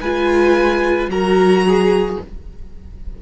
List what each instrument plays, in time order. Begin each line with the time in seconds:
0.00 cello G#3, viola F4, violin B4 G#5
1.07 cello F#3, viola F#4, violin A#4 A#5
1.67 violin G#4